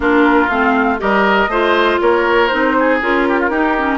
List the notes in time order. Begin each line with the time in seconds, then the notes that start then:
0.00 A#3 D4 F4 A#4
0.49 A3 C4 F5
0.98 G3 G4 A#4 D#5
1.47 A3 F4 C5
2.00 A#3 A#4 C#5
2.47 C4 D#4 C5
2.79 G#4
3.01 C#4 F4 A#4
3.28 G4
3.39 F4
3.49 D#4 G4
3.77 C#4